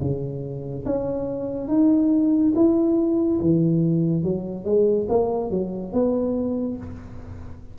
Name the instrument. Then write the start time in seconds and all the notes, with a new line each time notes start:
tuba
0.00 C#3
0.85 C#4
1.68 D#4
2.55 E4
3.40 E3
4.23 F#3
4.64 G#3
5.09 A#3
5.50 F#3
5.92 B3